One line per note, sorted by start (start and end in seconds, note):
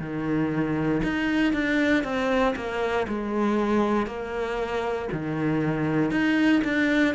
0.00 1.02 D#3
1.03 1.53 D#4
1.53 2.04 D4
2.04 2.55 C4
2.56 3.06 A#3
3.08 4.07 G#3
4.07 5.08 A#3
5.12 6.11 D#3
6.11 6.62 D#4
6.64 7.15 D4